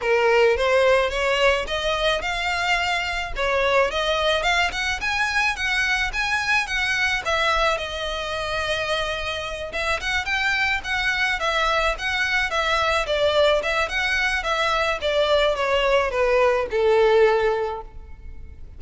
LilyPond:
\new Staff \with { instrumentName = "violin" } { \time 4/4 \tempo 4 = 108 ais'4 c''4 cis''4 dis''4 | f''2 cis''4 dis''4 | f''8 fis''8 gis''4 fis''4 gis''4 | fis''4 e''4 dis''2~ |
dis''4. e''8 fis''8 g''4 fis''8~ | fis''8 e''4 fis''4 e''4 d''8~ | d''8 e''8 fis''4 e''4 d''4 | cis''4 b'4 a'2 | }